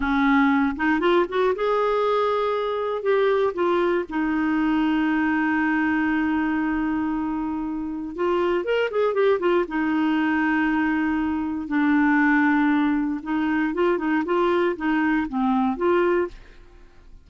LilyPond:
\new Staff \with { instrumentName = "clarinet" } { \time 4/4 \tempo 4 = 118 cis'4. dis'8 f'8 fis'8 gis'4~ | gis'2 g'4 f'4 | dis'1~ | dis'1 |
f'4 ais'8 gis'8 g'8 f'8 dis'4~ | dis'2. d'4~ | d'2 dis'4 f'8 dis'8 | f'4 dis'4 c'4 f'4 | }